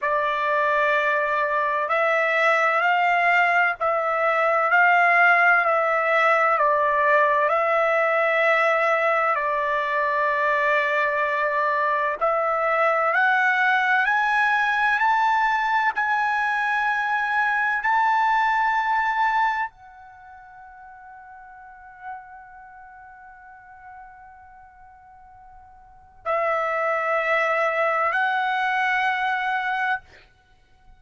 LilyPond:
\new Staff \with { instrumentName = "trumpet" } { \time 4/4 \tempo 4 = 64 d''2 e''4 f''4 | e''4 f''4 e''4 d''4 | e''2 d''2~ | d''4 e''4 fis''4 gis''4 |
a''4 gis''2 a''4~ | a''4 fis''2.~ | fis''1 | e''2 fis''2 | }